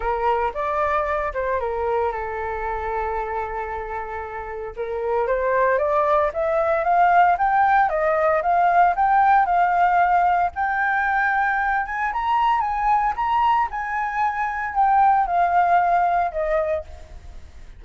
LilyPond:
\new Staff \with { instrumentName = "flute" } { \time 4/4 \tempo 4 = 114 ais'4 d''4. c''8 ais'4 | a'1~ | a'4 ais'4 c''4 d''4 | e''4 f''4 g''4 dis''4 |
f''4 g''4 f''2 | g''2~ g''8 gis''8 ais''4 | gis''4 ais''4 gis''2 | g''4 f''2 dis''4 | }